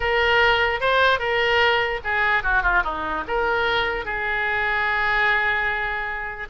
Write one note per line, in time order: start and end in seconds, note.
0.00 0.80 A#4
0.80 1.19 C5
1.19 2.00 A#4
2.04 2.43 G#4
2.43 2.62 F#4
2.62 2.83 F4
2.83 3.24 D#4
3.27 4.05 A#4
4.05 6.48 G#4